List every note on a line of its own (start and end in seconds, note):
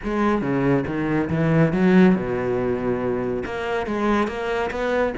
0.03 0.41 G#3
0.41 0.84 C#3
0.86 1.29 D#3
1.30 1.73 E3
1.73 2.15 F#3
2.15 3.43 B2
3.45 3.86 A#3
3.86 4.27 G#3
4.27 4.70 A#3
4.70 5.13 B3